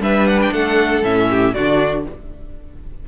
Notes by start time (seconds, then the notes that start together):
0.00 G3 D4 B4 E5
0.27 F#5
0.42 G5
0.52 A3 A4 F#5
1.03 A2 C#4 E5
1.30 G4
1.54 D3 D4 F#4 D5